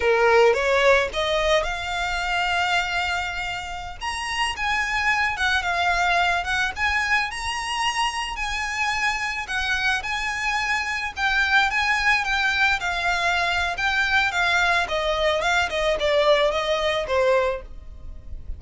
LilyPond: \new Staff \with { instrumentName = "violin" } { \time 4/4 \tempo 4 = 109 ais'4 cis''4 dis''4 f''4~ | f''2.~ f''16 ais''8.~ | ais''16 gis''4. fis''8 f''4. fis''16~ | fis''16 gis''4 ais''2 gis''8.~ |
gis''4~ gis''16 fis''4 gis''4.~ gis''16~ | gis''16 g''4 gis''4 g''4 f''8.~ | f''4 g''4 f''4 dis''4 | f''8 dis''8 d''4 dis''4 c''4 | }